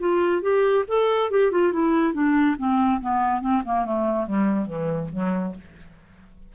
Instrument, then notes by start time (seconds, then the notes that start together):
clarinet
0.00 F4
0.42 G4
0.88 A4
1.31 G4
1.52 F4
1.73 E4
2.14 D4
2.58 C4
3.01 B3
3.41 C4
3.65 A#3
3.85 A3
4.27 G3
4.66 E3
5.13 F#3